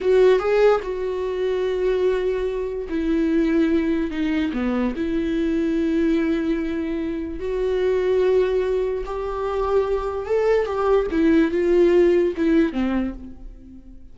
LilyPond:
\new Staff \with { instrumentName = "viola" } { \time 4/4 \tempo 4 = 146 fis'4 gis'4 fis'2~ | fis'2. e'4~ | e'2 dis'4 b4 | e'1~ |
e'2 fis'2~ | fis'2 g'2~ | g'4 a'4 g'4 e'4 | f'2 e'4 c'4 | }